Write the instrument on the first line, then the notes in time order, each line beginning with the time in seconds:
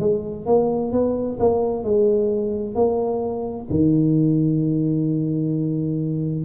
tuba
0.00 G#3
0.46 A#3
0.92 B3
1.40 A#3
1.84 G#3
2.75 A#3
3.70 D#3